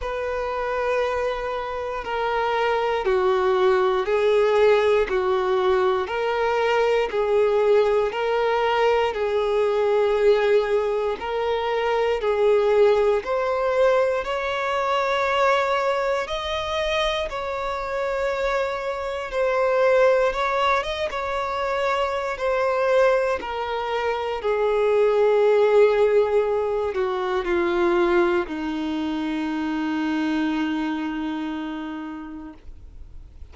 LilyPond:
\new Staff \with { instrumentName = "violin" } { \time 4/4 \tempo 4 = 59 b'2 ais'4 fis'4 | gis'4 fis'4 ais'4 gis'4 | ais'4 gis'2 ais'4 | gis'4 c''4 cis''2 |
dis''4 cis''2 c''4 | cis''8 dis''16 cis''4~ cis''16 c''4 ais'4 | gis'2~ gis'8 fis'8 f'4 | dis'1 | }